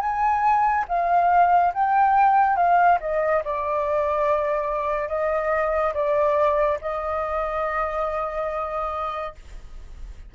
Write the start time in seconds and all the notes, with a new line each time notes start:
0.00 G#5
0.88 F5
1.73 G5
2.56 F5
3.00 D#5
3.44 D5
5.08 D#5
5.93 D5
6.81 D#5